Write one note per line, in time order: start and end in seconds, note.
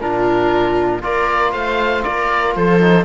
0.00 1.02 A#2
0.00 1.01 D4
0.00 1.03 F4
0.00 1.02 A#4
1.01 1.53 A#3
1.01 2.79 F4
1.01 1.52 A#4
1.01 1.52 D5
1.52 2.04 A3
1.52 2.03 C5
1.52 2.03 F5
2.03 2.56 A#3
2.03 2.55 A#4
2.03 2.54 D5
2.55 3.04 F3
2.55 3.04 A4
2.55 3.04 C5
2.80 3.04 D#4